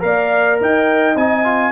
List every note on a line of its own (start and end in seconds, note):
0.00 0.61 A#3
0.00 1.14 A#4
0.00 0.62 D5
0.00 0.59 F5
0.61 1.16 D#4
0.61 1.72 D#5
0.61 1.17 G5
1.16 1.72 C4
1.16 1.44 D#4
1.16 1.72 G#5
1.44 1.72 F4